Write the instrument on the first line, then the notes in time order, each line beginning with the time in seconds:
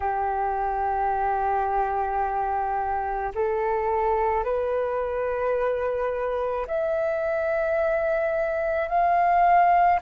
flute
0.00 G4
3.34 A4
4.44 B4
6.67 E5
8.88 F5